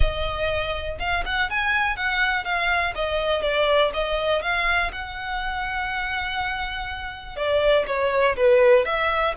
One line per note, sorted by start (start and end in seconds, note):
0.00 0.98 D#5
0.99 1.24 F5
1.25 1.50 F#5
1.50 1.96 G#5
1.96 2.44 F#5
2.44 2.93 F5
2.95 3.42 D#5
3.42 3.91 D5
3.93 4.42 D#5
4.42 4.91 F5
4.92 7.36 F#5
7.36 7.85 D5
7.86 8.36 C#5
8.36 8.85 B4
8.85 9.34 E5